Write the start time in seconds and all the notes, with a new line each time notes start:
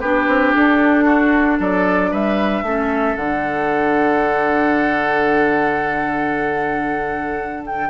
0.00 B3 D4 G4 B4
0.27 C4
0.54 D4 A4
1.04 F#4
1.59 F#3 A4 D5
2.11 G3 B4 E5
2.62 A3 C#4 A4
3.16 D3 D4 F#5
7.66 G5